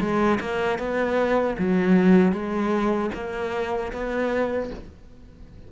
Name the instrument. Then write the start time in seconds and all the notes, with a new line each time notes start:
cello
0.00 G#3
0.40 A#3
0.78 B3
1.58 F#3
2.32 G#3
3.14 A#3
3.92 B3